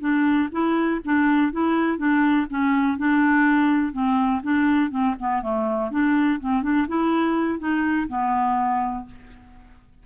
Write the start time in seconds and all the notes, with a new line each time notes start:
0.00 D4
0.51 E4
1.04 D4
1.52 E4
1.98 D4
2.49 C#4
2.98 D4
3.92 C4
4.43 D4
4.90 C4
5.19 B3
5.42 A3
5.90 D4
6.40 C4
6.62 D4
6.87 E4
7.59 D#4
8.08 B3